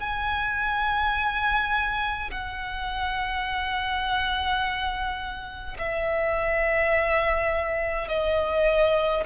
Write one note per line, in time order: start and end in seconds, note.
0.00 2.31 G#5
2.31 5.77 F#5
5.79 8.09 E5
8.09 9.24 D#5